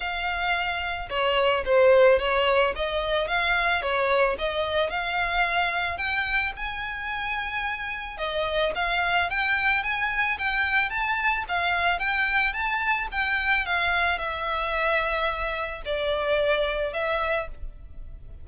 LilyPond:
\new Staff \with { instrumentName = "violin" } { \time 4/4 \tempo 4 = 110 f''2 cis''4 c''4 | cis''4 dis''4 f''4 cis''4 | dis''4 f''2 g''4 | gis''2. dis''4 |
f''4 g''4 gis''4 g''4 | a''4 f''4 g''4 a''4 | g''4 f''4 e''2~ | e''4 d''2 e''4 | }